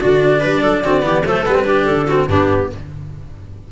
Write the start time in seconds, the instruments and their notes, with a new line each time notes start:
0.00 tuba D3, cello D4, viola F#4, clarinet D5
0.39 tuba G3, viola B4
0.61 tuba F#3, viola A4
0.83 tuba D3, cello C4, viola F#4
1.02 tuba E3, cello B3, viola G4
1.25 tuba F#3, cello A3, viola A4, clarinet C5
1.43 tuba G3, cello B3, clarinet B4
1.54 cello C4
1.64 cello D4, viola G4
1.85 tuba D3, clarinet A4
2.07 cello C4, viola F#4
2.27 tuba G2, cello B3, viola D4, clarinet G4